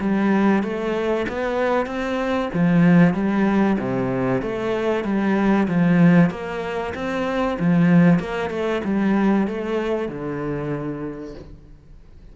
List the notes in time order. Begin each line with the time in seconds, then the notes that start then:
0.00 G3
0.63 A3
1.28 B3
1.86 C4
2.53 F3
3.13 G3
3.79 C3
4.42 A3
5.04 G3
5.68 F3
6.30 A#3
6.94 C4
7.59 F3
8.19 A#3
8.50 A3
8.84 G3
9.47 A3
10.08 D3